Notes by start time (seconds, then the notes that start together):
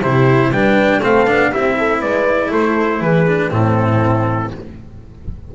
0.00 C3 E4 G4 C5
0.50 G3 D4 B4 G5
1.01 A3 C4 A4 F5
1.27 B3 D4
1.51 C4 E4 G4 E5
1.78 A4
2.00 G#3 B4 D5
2.51 A3 A4 C5
3.01 E3 G#4 B4
3.27 D4
3.51 A2 C4 E4 A4